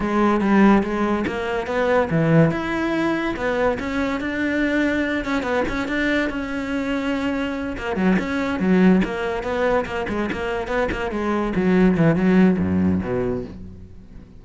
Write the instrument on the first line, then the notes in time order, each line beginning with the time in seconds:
cello
0.00 G#3
0.40 G3
0.83 G#3
1.26 A#3
1.66 B3
2.10 E3
2.51 E4
3.36 B3
3.79 C#4
4.20 D4
5.24 C#4
5.42 B3
5.68 C#4
5.87 D4
6.29 C#4
7.77 A#3
7.96 F#3
8.18 C#4
8.59 F#3
9.04 A#3
9.43 B3
9.85 A#3
10.09 G#3
10.32 A#3
10.67 B3
10.91 A#3
11.11 G#3
11.55 F#3
11.97 E3
12.15 F#3
12.59 F#2
13.02 B2